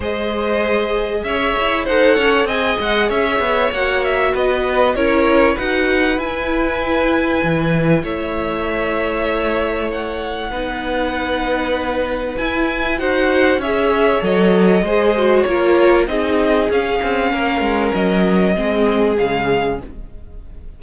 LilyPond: <<
  \new Staff \with { instrumentName = "violin" } { \time 4/4 \tempo 4 = 97 dis''2 e''4 fis''4 | gis''8 fis''8 e''4 fis''8 e''8 dis''4 | cis''4 fis''4 gis''2~ | gis''4 e''2. |
fis''1 | gis''4 fis''4 e''4 dis''4~ | dis''4 cis''4 dis''4 f''4~ | f''4 dis''2 f''4 | }
  \new Staff \with { instrumentName = "violin" } { \time 4/4 c''2 cis''4 c''8 cis''8 | dis''4 cis''2 b'4 | ais'4 b'2.~ | b'4 cis''2.~ |
cis''4 b'2.~ | b'4 c''4 cis''2 | c''4 ais'4 gis'2 | ais'2 gis'2 | }
  \new Staff \with { instrumentName = "viola" } { \time 4/4 gis'2. a'4 | gis'2 fis'2 | e'4 fis'4 e'2~ | e'1~ |
e'4 dis'2. | e'4 fis'4 gis'4 a'4 | gis'8 fis'8 f'4 dis'4 cis'4~ | cis'2 c'4 gis4 | }
  \new Staff \with { instrumentName = "cello" } { \time 4/4 gis2 cis'8 e'8 dis'8 cis'8 | c'8 gis8 cis'8 b8 ais4 b4 | cis'4 dis'4 e'2 | e4 a2.~ |
a4 b2. | e'4 dis'4 cis'4 fis4 | gis4 ais4 c'4 cis'8 c'8 | ais8 gis8 fis4 gis4 cis4 | }
>>